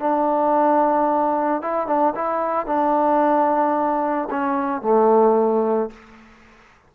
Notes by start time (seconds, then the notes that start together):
0.00 D4
1.62 E4
1.87 D4
2.15 E4
2.66 D4
4.30 C#4
4.82 A3